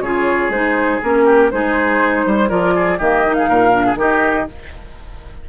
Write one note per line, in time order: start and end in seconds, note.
0.00 0.49 C#3
0.00 0.52 F4
0.00 1.25 G#4
0.00 0.51 C#5
0.49 0.99 G#3
0.49 1.02 D#4
0.49 1.01 C5
1.02 1.52 A#3
1.02 1.51 C#4
1.02 1.51 A#4
1.25 1.50 G4
1.51 2.26 G#3
1.51 2.49 D#4
1.51 2.26 G#4
1.51 2.50 C5
2.26 2.50 G3
2.26 2.49 C5
2.49 2.99 F3
2.49 2.98 F4
2.49 2.74 A#4
2.49 2.99 D5
2.75 2.98 G#4
2.98 3.49 D#3
2.98 3.25 A#3
2.98 3.35 G4
2.98 3.34 D#5
3.26 3.72 D#4
3.34 3.49 G#4
3.34 3.96 F5
3.49 3.95 A#2
3.49 3.86 A#4
3.72 3.96 D4
3.86 3.98 G#4
3.95 4.44 D#3
3.95 4.47 D#4
3.95 4.48 G4
3.95 4.49 D#5